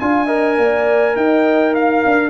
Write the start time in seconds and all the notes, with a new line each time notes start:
0.00 D4 F4 F5 G#5
0.27 A#4 D#5
0.58 A#3 D5
1.16 D#4 D#5 G5
1.73 F5
2.06 D4